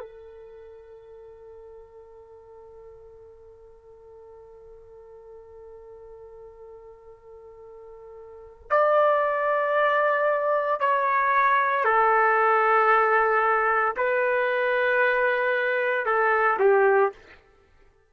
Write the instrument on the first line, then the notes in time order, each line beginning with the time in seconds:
trumpet
0.00 A4
8.70 D5
10.80 C#5
11.85 A4
13.97 B4
16.06 A4
16.59 G4